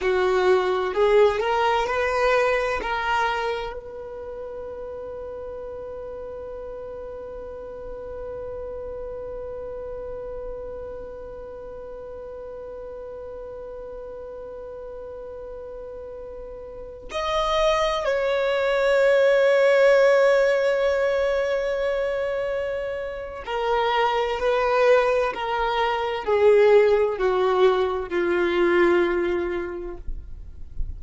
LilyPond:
\new Staff \with { instrumentName = "violin" } { \time 4/4 \tempo 4 = 64 fis'4 gis'8 ais'8 b'4 ais'4 | b'1~ | b'1~ | b'1~ |
b'2~ b'16 dis''4 cis''8.~ | cis''1~ | cis''4 ais'4 b'4 ais'4 | gis'4 fis'4 f'2 | }